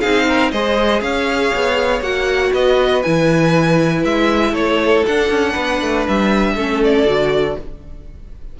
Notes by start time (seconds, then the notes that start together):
0.00 C4 D#4 G#4 F5
0.29 A#4
0.51 G#3 G#4 C5 D#5
1.01 C#4 C#5 F5
1.55 B3
2.01 A#3 F#4 F#5
2.53 B3 B4 D#5
3.02 E3 E4 G#5
4.05 G#3 E5
4.52 A3 A4 C#5
5.06 D4 F#5
5.30 C#4
5.52 B3 B4
5.81 A3
6.07 G3 E5
6.55 A3 C#4 A4
6.84 D5
7.05 D3 F#4